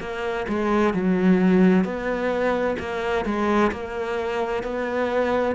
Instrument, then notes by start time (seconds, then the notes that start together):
cello
0.00 A#3
0.49 G#3
0.94 F#3
1.85 B3
2.79 A#3
3.25 G#3
3.72 A#3
4.64 B3